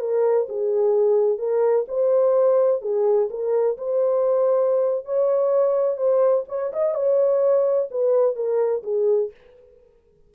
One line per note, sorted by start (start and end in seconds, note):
0.00 0.47 A#4
0.49 1.39 G#4
1.39 1.86 A#4
1.88 2.82 C5
2.82 3.29 G#4
3.30 3.77 A#4
3.78 5.05 C5
5.05 5.97 C#5
5.97 6.45 C5
6.49 6.72 C#5
6.73 6.94 D#5
6.94 7.89 C#5
7.91 8.36 B4
8.36 8.83 A#4
8.84 9.31 G#4